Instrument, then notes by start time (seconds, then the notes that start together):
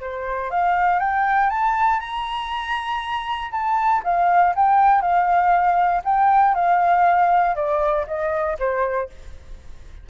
flute
0.00 C5
0.50 F5
0.99 G5
1.50 A5
2.00 A#5
3.51 A5
4.04 F5
4.55 G5
5.01 F5
6.04 G5
6.54 F5
7.55 D5
8.07 D#5
8.59 C5